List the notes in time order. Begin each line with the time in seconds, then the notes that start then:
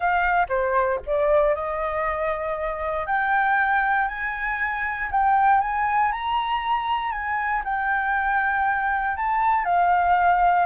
0.00 F5
0.49 C5
1.06 D5
1.54 D#5
3.06 G5
4.08 G#5
5.11 G5
5.60 G#5
6.12 A#5
7.11 G#5
7.64 G5
9.16 A5
9.64 F5